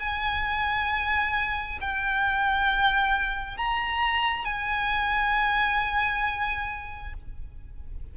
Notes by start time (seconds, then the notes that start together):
0.00 G#5
1.81 G5
3.57 A#5
4.45 G#5